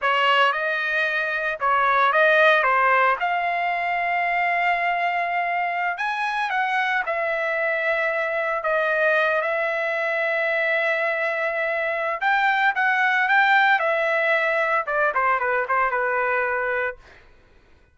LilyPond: \new Staff \with { instrumentName = "trumpet" } { \time 4/4 \tempo 4 = 113 cis''4 dis''2 cis''4 | dis''4 c''4 f''2~ | f''2.~ f''16 gis''8.~ | gis''16 fis''4 e''2~ e''8.~ |
e''16 dis''4. e''2~ e''16~ | e''2. g''4 | fis''4 g''4 e''2 | d''8 c''8 b'8 c''8 b'2 | }